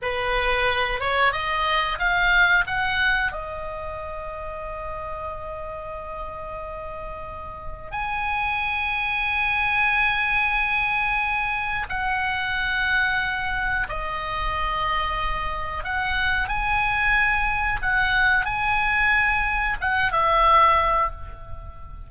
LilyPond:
\new Staff \with { instrumentName = "oboe" } { \time 4/4 \tempo 4 = 91 b'4. cis''8 dis''4 f''4 | fis''4 dis''2.~ | dis''1 | gis''1~ |
gis''2 fis''2~ | fis''4 dis''2. | fis''4 gis''2 fis''4 | gis''2 fis''8 e''4. | }